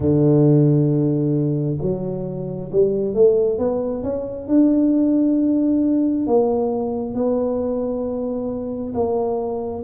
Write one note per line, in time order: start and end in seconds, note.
0.00 1.78 D3
1.81 2.71 F#3
2.72 3.14 G3
3.14 3.58 A3
3.58 4.03 B3
4.03 4.47 C#4
4.47 6.26 D4
6.26 7.14 A#3
7.14 8.93 B3
8.93 9.83 A#3